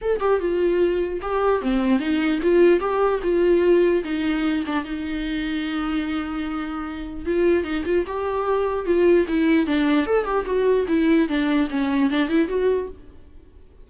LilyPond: \new Staff \with { instrumentName = "viola" } { \time 4/4 \tempo 4 = 149 a'8 g'8 f'2 g'4 | c'4 dis'4 f'4 g'4 | f'2 dis'4. d'8 | dis'1~ |
dis'2 f'4 dis'8 f'8 | g'2 f'4 e'4 | d'4 a'8 g'8 fis'4 e'4 | d'4 cis'4 d'8 e'8 fis'4 | }